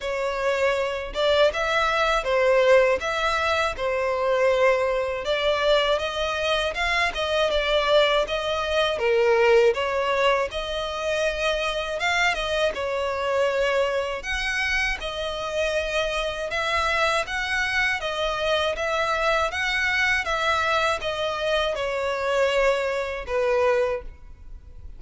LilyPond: \new Staff \with { instrumentName = "violin" } { \time 4/4 \tempo 4 = 80 cis''4. d''8 e''4 c''4 | e''4 c''2 d''4 | dis''4 f''8 dis''8 d''4 dis''4 | ais'4 cis''4 dis''2 |
f''8 dis''8 cis''2 fis''4 | dis''2 e''4 fis''4 | dis''4 e''4 fis''4 e''4 | dis''4 cis''2 b'4 | }